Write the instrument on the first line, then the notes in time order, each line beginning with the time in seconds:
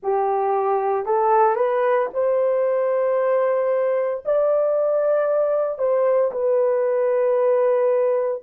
horn
0.02 G4
1.05 A4
1.55 B4
2.13 C5
4.25 D5
5.78 C5
6.31 B4